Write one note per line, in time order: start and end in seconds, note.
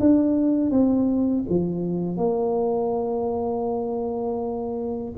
0.00 0.71 D4
0.71 1.45 C4
1.49 2.17 F3
2.17 5.13 A#3